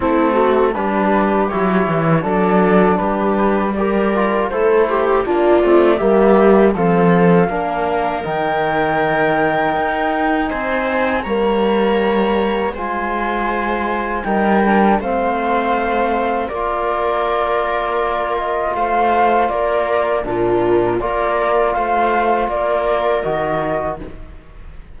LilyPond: <<
  \new Staff \with { instrumentName = "flute" } { \time 4/4 \tempo 4 = 80 a'4 b'4 cis''4 d''4 | b'4 d''4 c''4 d''4 | e''4 f''2 g''4~ | g''2 gis''4 ais''4~ |
ais''4 gis''2 g''4 | f''2 d''2~ | d''8 dis''8 f''4 d''4 ais'4 | d''4 f''4 d''4 dis''4 | }
  \new Staff \with { instrumentName = "viola" } { \time 4/4 e'8 fis'8 g'2 a'4 | g'4 ais'4 a'8 g'8 f'4 | g'4 a'4 ais'2~ | ais'2 c''4 cis''4~ |
cis''4 c''2 ais'4 | c''2 ais'2~ | ais'4 c''4 ais'4 f'4 | ais'4 c''4 ais'2 | }
  \new Staff \with { instrumentName = "trombone" } { \time 4/4 c'4 d'4 e'4 d'4~ | d'4 g'8 f'8 e'4 d'8 c'8 | ais4 c'4 d'4 dis'4~ | dis'2. ais4~ |
ais4 f'2 dis'8 d'8 | c'2 f'2~ | f'2. d'4 | f'2. fis'4 | }
  \new Staff \with { instrumentName = "cello" } { \time 4/4 a4 g4 fis8 e8 fis4 | g2 a4 ais8 a8 | g4 f4 ais4 dis4~ | dis4 dis'4 c'4 g4~ |
g4 gis2 g4 | a2 ais2~ | ais4 a4 ais4 ais,4 | ais4 a4 ais4 dis4 | }
>>